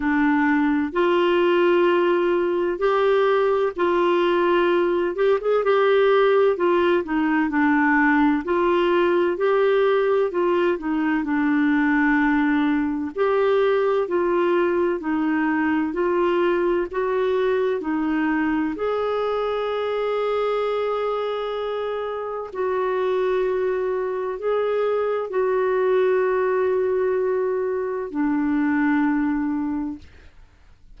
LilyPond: \new Staff \with { instrumentName = "clarinet" } { \time 4/4 \tempo 4 = 64 d'4 f'2 g'4 | f'4. g'16 gis'16 g'4 f'8 dis'8 | d'4 f'4 g'4 f'8 dis'8 | d'2 g'4 f'4 |
dis'4 f'4 fis'4 dis'4 | gis'1 | fis'2 gis'4 fis'4~ | fis'2 d'2 | }